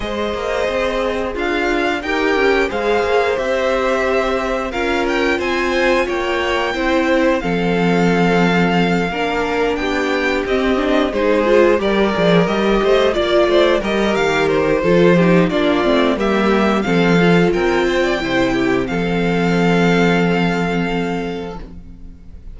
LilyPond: <<
  \new Staff \with { instrumentName = "violin" } { \time 4/4 \tempo 4 = 89 dis''2 f''4 g''4 | f''4 e''2 f''8 g''8 | gis''4 g''2 f''4~ | f''2~ f''8 g''4 dis''8~ |
dis''8 c''4 d''4 dis''4 d''8~ | d''8 dis''8 f''8 c''4. d''4 | e''4 f''4 g''2 | f''1 | }
  \new Staff \with { instrumentName = "violin" } { \time 4/4 c''2 f'4 ais'4 | c''2. ais'4 | c''4 cis''4 c''4 a'4~ | a'4. ais'4 g'4.~ |
g'8 gis'4 ais'4. c''8 d''8 | c''8 ais'4. a'8 g'8 f'4 | g'4 a'4 ais'8 c''16 d''16 c''8 g'8 | a'1 | }
  \new Staff \with { instrumentName = "viola" } { \time 4/4 gis'2. g'4 | gis'4 g'2 f'4~ | f'2 e'4 c'4~ | c'4. d'2 c'8 |
d'8 dis'8 f'8 g'8 gis'8 g'4 f'8~ | f'8 g'4. f'8 dis'8 d'8 c'8 | ais4 c'8 f'4. e'4 | c'1 | }
  \new Staff \with { instrumentName = "cello" } { \time 4/4 gis8 ais8 c'4 d'4 dis'8 cis'8 | gis8 ais8 c'2 cis'4 | c'4 ais4 c'4 f4~ | f4. ais4 b4 c'8~ |
c'8 gis4 g8 f8 g8 a8 ais8 | a8 g8 dis4 f4 ais8 a8 | g4 f4 c'4 c4 | f1 | }
>>